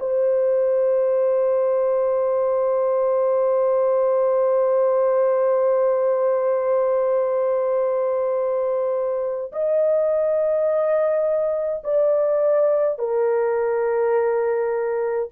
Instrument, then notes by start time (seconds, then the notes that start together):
horn
0.00 C5
9.52 D#5
11.84 D5
12.99 A#4